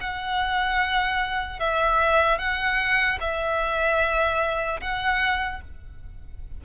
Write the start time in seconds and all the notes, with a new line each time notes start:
0.00 F#5
1.59 E5
2.38 F#5
3.20 E5
4.80 F#5